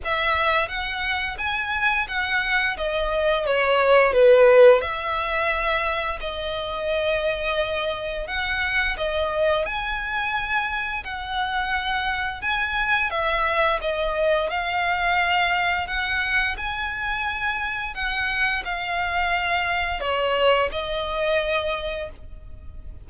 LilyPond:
\new Staff \with { instrumentName = "violin" } { \time 4/4 \tempo 4 = 87 e''4 fis''4 gis''4 fis''4 | dis''4 cis''4 b'4 e''4~ | e''4 dis''2. | fis''4 dis''4 gis''2 |
fis''2 gis''4 e''4 | dis''4 f''2 fis''4 | gis''2 fis''4 f''4~ | f''4 cis''4 dis''2 | }